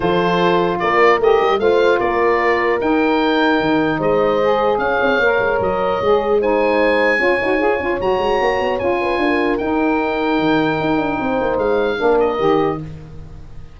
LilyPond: <<
  \new Staff \with { instrumentName = "oboe" } { \time 4/4 \tempo 4 = 150 c''2 d''4 dis''4 | f''4 d''2 g''4~ | g''2 dis''2 | f''2 dis''2 |
gis''1 | ais''2 gis''2 | g''1~ | g''4 f''4. dis''4. | }
  \new Staff \with { instrumentName = "horn" } { \time 4/4 a'2 ais'2 | c''4 ais'2.~ | ais'2 c''2 | cis''1 |
c''2 cis''2~ | cis''2~ cis''8 b'8 ais'4~ | ais'1 | c''2 ais'2 | }
  \new Staff \with { instrumentName = "saxophone" } { \time 4/4 f'2. g'4 | f'2. dis'4~ | dis'2. gis'4~ | gis'4 ais'2 gis'4 |
dis'2 f'8 fis'8 gis'8 f'8 | fis'2 f'2 | dis'1~ | dis'2 d'4 g'4 | }
  \new Staff \with { instrumentName = "tuba" } { \time 4/4 f2 ais4 a8 g8 | a4 ais2 dis'4~ | dis'4 dis4 gis2 | cis'8 c'8 ais8 gis8 fis4 gis4~ |
gis2 cis'8 dis'8 f'8 cis'8 | fis8 gis8 ais8 b8 cis'4 d'4 | dis'2 dis4 dis'8 d'8 | c'8 ais8 gis4 ais4 dis4 | }
>>